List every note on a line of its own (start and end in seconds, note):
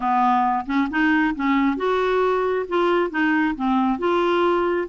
0.00 0.65 B3
0.66 0.88 C#4
0.90 1.34 D#4
1.35 1.77 C#4
1.77 2.65 F#4
2.68 3.10 F4
3.10 3.55 D#4
3.55 3.99 C4
3.99 4.87 F4